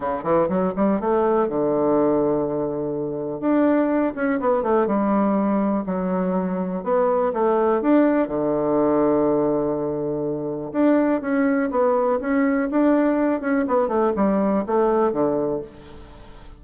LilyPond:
\new Staff \with { instrumentName = "bassoon" } { \time 4/4 \tempo 4 = 123 d8 e8 fis8 g8 a4 d4~ | d2. d'4~ | d'8 cis'8 b8 a8 g2 | fis2 b4 a4 |
d'4 d2.~ | d2 d'4 cis'4 | b4 cis'4 d'4. cis'8 | b8 a8 g4 a4 d4 | }